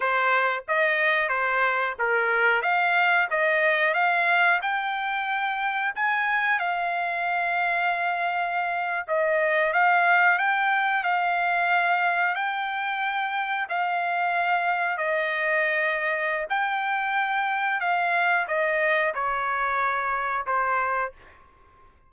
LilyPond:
\new Staff \with { instrumentName = "trumpet" } { \time 4/4 \tempo 4 = 91 c''4 dis''4 c''4 ais'4 | f''4 dis''4 f''4 g''4~ | g''4 gis''4 f''2~ | f''4.~ f''16 dis''4 f''4 g''16~ |
g''8. f''2 g''4~ g''16~ | g''8. f''2 dis''4~ dis''16~ | dis''4 g''2 f''4 | dis''4 cis''2 c''4 | }